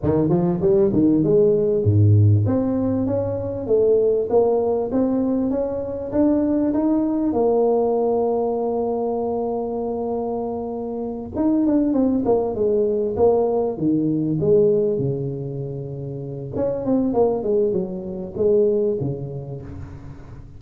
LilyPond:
\new Staff \with { instrumentName = "tuba" } { \time 4/4 \tempo 4 = 98 dis8 f8 g8 dis8 gis4 gis,4 | c'4 cis'4 a4 ais4 | c'4 cis'4 d'4 dis'4 | ais1~ |
ais2~ ais8 dis'8 d'8 c'8 | ais8 gis4 ais4 dis4 gis8~ | gis8 cis2~ cis8 cis'8 c'8 | ais8 gis8 fis4 gis4 cis4 | }